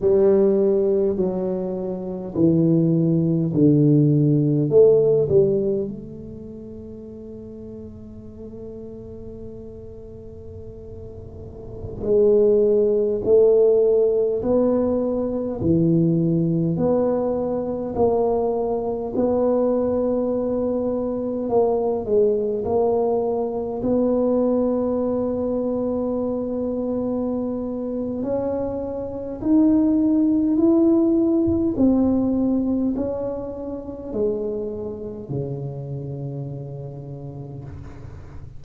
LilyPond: \new Staff \with { instrumentName = "tuba" } { \time 4/4 \tempo 4 = 51 g4 fis4 e4 d4 | a8 g8 a2.~ | a2~ a16 gis4 a8.~ | a16 b4 e4 b4 ais8.~ |
ais16 b2 ais8 gis8 ais8.~ | ais16 b2.~ b8. | cis'4 dis'4 e'4 c'4 | cis'4 gis4 cis2 | }